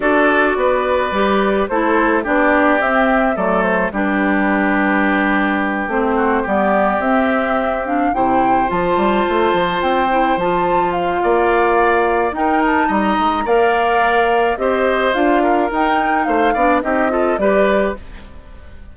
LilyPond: <<
  \new Staff \with { instrumentName = "flute" } { \time 4/4 \tempo 4 = 107 d''2. c''4 | d''4 e''4 d''8 c''8 b'4~ | b'2~ b'8 c''4 d''8~ | d''8 e''4. f''8 g''4 a''8~ |
a''4. g''4 a''4 f''8~ | f''2 g''8 a''8 ais''4 | f''2 dis''4 f''4 | g''4 f''4 dis''4 d''4 | }
  \new Staff \with { instrumentName = "oboe" } { \time 4/4 a'4 b'2 a'4 | g'2 a'4 g'4~ | g'2. fis'8 g'8~ | g'2~ g'8 c''4.~ |
c''1 | d''2 ais'4 dis''4 | d''2 c''4. ais'8~ | ais'4 c''8 d''8 g'8 a'8 b'4 | }
  \new Staff \with { instrumentName = "clarinet" } { \time 4/4 fis'2 g'4 e'4 | d'4 c'4 a4 d'4~ | d'2~ d'8 c'4 b8~ | b8 c'4. d'8 e'4 f'8~ |
f'2 e'8 f'4.~ | f'2 dis'2 | ais'2 g'4 f'4 | dis'4. d'8 dis'8 f'8 g'4 | }
  \new Staff \with { instrumentName = "bassoon" } { \time 4/4 d'4 b4 g4 a4 | b4 c'4 fis4 g4~ | g2~ g8 a4 g8~ | g8 c'2 c4 f8 |
g8 a8 f8 c'4 f4. | ais2 dis'4 g8 gis8 | ais2 c'4 d'4 | dis'4 a8 b8 c'4 g4 | }
>>